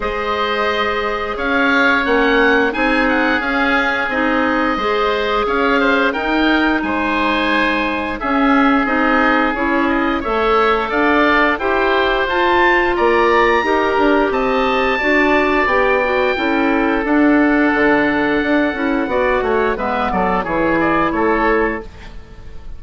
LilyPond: <<
  \new Staff \with { instrumentName = "oboe" } { \time 4/4 \tempo 4 = 88 dis''2 f''4 fis''4 | gis''8 fis''8 f''4 dis''2 | f''4 g''4 gis''2 | e''4 dis''4 cis''8 dis''8 e''4 |
f''4 g''4 a''4 ais''4~ | ais''4 a''2 g''4~ | g''4 fis''2.~ | fis''4 e''8 d''8 cis''8 d''8 cis''4 | }
  \new Staff \with { instrumentName = "oboe" } { \time 4/4 c''2 cis''2 | gis'2. c''4 | cis''8 c''8 ais'4 c''2 | gis'2. cis''4 |
d''4 c''2 d''4 | ais'4 dis''4 d''2 | a'1 | d''8 cis''8 b'8 a'8 gis'4 a'4 | }
  \new Staff \with { instrumentName = "clarinet" } { \time 4/4 gis'2. cis'4 | dis'4 cis'4 dis'4 gis'4~ | gis'4 dis'2. | cis'4 dis'4 e'4 a'4~ |
a'4 g'4 f'2 | g'2 fis'4 g'8 fis'8 | e'4 d'2~ d'8 e'8 | fis'4 b4 e'2 | }
  \new Staff \with { instrumentName = "bassoon" } { \time 4/4 gis2 cis'4 ais4 | c'4 cis'4 c'4 gis4 | cis'4 dis'4 gis2 | cis'4 c'4 cis'4 a4 |
d'4 e'4 f'4 ais4 | dis'8 d'8 c'4 d'4 b4 | cis'4 d'4 d4 d'8 cis'8 | b8 a8 gis8 fis8 e4 a4 | }
>>